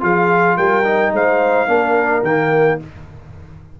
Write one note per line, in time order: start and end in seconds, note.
0.00 0.57 F3
0.00 0.83 F4
0.00 0.57 G#4
0.00 0.57 F5
0.57 1.13 G3
0.57 1.13 A#4
0.57 1.12 G5
0.84 1.67 D#4
1.13 1.68 G#3
1.13 1.69 C5
1.13 2.24 F5
1.68 2.22 A#3
1.68 2.23 D4
1.68 2.80 A#4
2.22 2.78 D#3
2.22 2.80 A#3
2.22 2.80 G5